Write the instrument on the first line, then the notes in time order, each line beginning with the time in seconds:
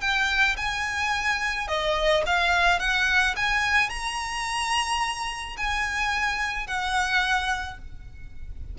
violin
0.00 G5
0.56 G#5
1.68 D#5
2.26 F5
2.79 F#5
3.36 G#5
3.89 A#5
5.57 G#5
6.66 F#5